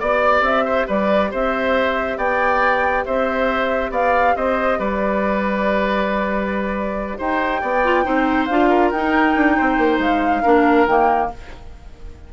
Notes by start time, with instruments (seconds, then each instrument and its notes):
0.00 bassoon B3, clarinet G4, oboe D5, flute D5
0.42 bassoon C4, flute E5
0.65 oboe C5
0.87 bassoon G3, oboe B4, flute D5
1.31 bassoon C4, oboe C5, flute E5
2.18 bassoon B3, oboe D5, flute G5
3.06 bassoon C4, oboe C5, flute E5
3.91 bassoon B3, oboe D5, flute F5
4.36 bassoon C4, oboe C5, flute D#5
4.79 bassoon G3, oboe B4, flute D5
7.19 bassoon D#4, oboe C5, flute G5
7.62 bassoon B3, oboe D5
7.85 clarinet F4
8.05 bassoon C4, clarinet D#4, oboe C5
8.46 bassoon D4, clarinet F4, flute F5
8.70 oboe A#4
8.91 bassoon D#4, clarinet D#4, flute G5
9.36 bassoon D4
9.57 bassoon C4, oboe C5
9.78 bassoon A#3
9.99 bassoon G#3, flute F5
10.43 bassoon A#3, clarinet D4, oboe A#4
10.87 bassoon D#3, clarinet A#3, flute G5